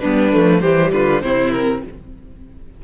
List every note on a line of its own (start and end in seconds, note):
0.00 0.34 G3
0.00 0.32 B3
0.00 0.61 D4
0.00 0.61 B4
0.32 0.63 F3
0.32 0.62 A3
0.61 0.93 E3
0.61 1.22 G3
0.61 0.91 G4
0.61 0.91 C5
0.92 1.23 D3
0.92 1.23 F4
0.92 1.22 B4
1.22 1.83 C3
1.22 1.83 C4
1.22 1.84 E4
1.22 1.52 C5
1.52 1.82 A#4